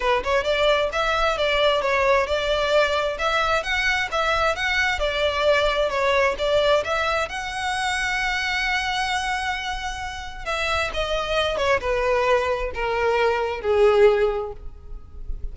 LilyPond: \new Staff \with { instrumentName = "violin" } { \time 4/4 \tempo 4 = 132 b'8 cis''8 d''4 e''4 d''4 | cis''4 d''2 e''4 | fis''4 e''4 fis''4 d''4~ | d''4 cis''4 d''4 e''4 |
fis''1~ | fis''2. e''4 | dis''4. cis''8 b'2 | ais'2 gis'2 | }